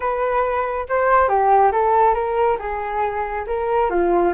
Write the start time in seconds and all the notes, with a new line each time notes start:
0.00 B4
0.88 C5
1.28 G4
1.71 A4
2.14 A#4
2.59 G#4
3.46 A#4
3.89 F4